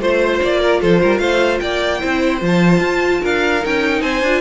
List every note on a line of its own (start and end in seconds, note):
0.00 0.40 A3
0.00 2.00 F4
0.00 0.60 C5
0.00 0.41 C5
0.41 0.83 A#3
0.41 0.81 D5
0.60 0.80 A#4
0.81 1.03 F3
0.81 1.01 A4
0.81 1.18 C5
1.02 1.20 G3
1.02 1.20 A#4
1.18 1.60 A3
1.18 1.61 C5
1.18 1.58 F5
1.60 2.02 A#3
1.60 2.00 D5
1.60 2.40 G5
2.00 2.41 C4
2.00 2.40 E4
2.00 3.21 C5
2.41 2.80 F3
2.41 3.61 F4
2.41 3.26 A5
2.80 3.20 F4
3.22 3.65 D4
3.22 4.02 A#4
3.22 3.65 F5
3.61 4.02 C#4
3.61 4.22 D#4
3.61 4.02 G5
4.02 4.22 C4
4.02 4.41 C5
4.02 4.41 G#5
4.22 4.41 D4
4.22 4.41 F4